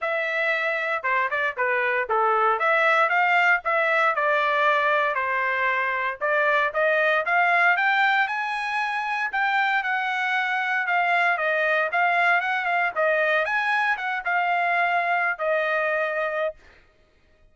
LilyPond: \new Staff \with { instrumentName = "trumpet" } { \time 4/4 \tempo 4 = 116 e''2 c''8 d''8 b'4 | a'4 e''4 f''4 e''4 | d''2 c''2 | d''4 dis''4 f''4 g''4 |
gis''2 g''4 fis''4~ | fis''4 f''4 dis''4 f''4 | fis''8 f''8 dis''4 gis''4 fis''8 f''8~ | f''4.~ f''16 dis''2~ dis''16 | }